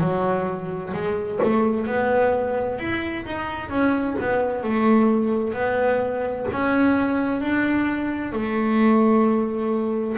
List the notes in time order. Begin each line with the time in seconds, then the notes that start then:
0.00 F#3
0.93 G#3
1.43 A3
1.86 B3
2.78 E4
3.25 D#4
3.69 C#4
4.20 B3
4.63 A3
5.53 B3
6.52 C#4
7.41 D4
8.32 A3